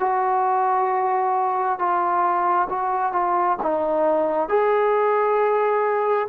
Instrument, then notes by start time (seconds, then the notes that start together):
trombone
0.00 F#4
1.79 F4
2.69 F#4
3.13 F4
3.63 D#4
4.49 G#4